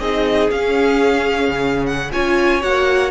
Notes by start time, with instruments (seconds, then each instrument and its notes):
0.00 cello C4, viola D#4, violin G#4 D#5
0.51 viola C#4, cello C#4, violin F5
1.49 cello C#3
1.86 violin F#5
2.12 cello C#4, viola F4, violin C#5 G#5
2.62 cello A#3, viola F#4, violin F#5